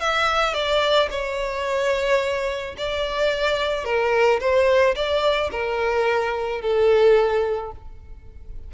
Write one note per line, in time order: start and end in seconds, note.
0.00 0.54 E5
0.54 1.09 D5
1.10 2.75 C#5
2.77 3.84 D5
3.84 4.39 A#4
4.40 4.95 C5
4.95 5.50 D5
5.51 6.61 A#4
6.61 7.71 A4